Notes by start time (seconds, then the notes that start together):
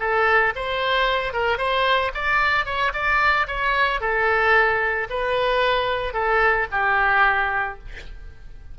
0.00 A4
0.56 C5
1.33 A#4
1.58 C5
2.14 D5
2.66 C#5
2.93 D5
3.48 C#5
4.01 A4
5.10 B4
6.14 A4
6.72 G4